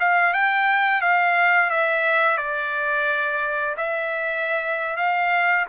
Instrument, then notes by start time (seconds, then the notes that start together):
trumpet
0.00 F5
0.33 G5
1.01 F5
1.71 E5
2.37 D5
3.77 E5
4.97 F5